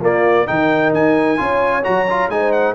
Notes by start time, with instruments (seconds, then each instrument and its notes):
0.00 trombone A#3, tuba A#3, horn F4, trumpet D5
0.46 tuba D#3, trombone D#4, horn A#4, trumpet G5
0.92 tuba D#4, trumpet G#5
1.37 tuba C#4, trombone F4, horn C#5
1.83 tuba F#3, trombone F#4, trumpet A#5
2.10 trombone F4
2.29 tuba G#3, trombone D#4, horn C5, trumpet G#5
2.51 trumpet F#5